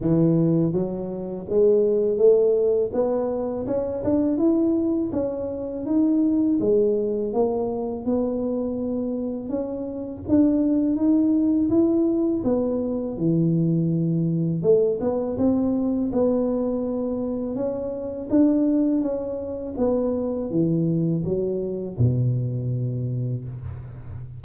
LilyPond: \new Staff \with { instrumentName = "tuba" } { \time 4/4 \tempo 4 = 82 e4 fis4 gis4 a4 | b4 cis'8 d'8 e'4 cis'4 | dis'4 gis4 ais4 b4~ | b4 cis'4 d'4 dis'4 |
e'4 b4 e2 | a8 b8 c'4 b2 | cis'4 d'4 cis'4 b4 | e4 fis4 b,2 | }